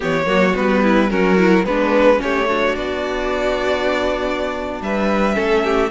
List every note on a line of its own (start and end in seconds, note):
0.00 0.25 E3
0.00 0.25 B3
0.00 0.26 G4
0.00 0.55 C#5
0.25 0.53 F#3
0.25 0.53 A#3
0.25 0.82 F#4
0.54 1.11 G3
0.54 1.09 B3
0.54 1.10 B4
0.82 1.10 E4
1.10 1.64 F#3
1.10 1.37 C#4
1.10 1.64 F#4
1.10 1.65 A#4
1.37 1.65 E4
1.64 2.19 G#3
1.64 2.19 B3
1.64 2.16 D4
1.64 2.21 B4
2.16 2.44 C#4
2.16 2.48 G4
2.16 2.75 C#5
2.22 2.75 A3
2.48 5.33 D4
2.48 4.82 F#4
2.75 4.80 B3
2.75 4.82 D5
4.80 5.35 G3
4.80 5.35 B4
4.80 5.90 E5
5.33 5.90 A3
5.33 5.88 C#4
5.33 5.62 A4
5.64 5.90 G4